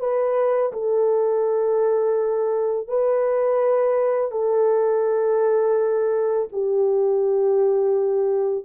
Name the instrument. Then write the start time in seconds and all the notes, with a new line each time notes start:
horn
0.00 B4
0.73 A4
2.88 B4
4.32 A4
6.53 G4